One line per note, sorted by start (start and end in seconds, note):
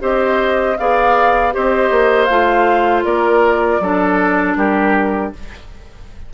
0.00 0.78 C4
0.00 0.76 G4
0.00 0.78 C5
0.00 0.78 D#5
0.78 1.55 B3
0.78 1.52 G#4
0.78 1.54 D5
0.78 1.54 F5
1.52 1.91 C4
1.52 2.28 G4
1.52 3.05 C5
1.52 2.25 D#5
1.91 2.28 A#3
2.25 3.04 A3
2.25 3.82 F4
2.25 3.01 F5
3.04 3.80 A#3
3.04 3.81 A#4
3.04 4.56 D5
3.80 4.56 F#3
3.80 5.34 D4
3.80 4.58 A4
4.56 5.32 G3
4.56 5.34 G4
4.56 5.33 A#4